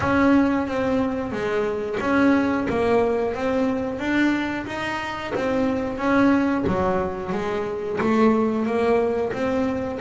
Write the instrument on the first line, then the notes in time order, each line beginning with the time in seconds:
double bass
0.00 C#4
0.67 C4
1.32 G#3
2.00 C#4
2.68 A#3
3.34 C4
3.99 D4
4.66 D#4
5.35 C4
5.98 C#4
6.66 F#3
7.32 G#3
8.01 A3
8.65 A#3
9.32 C4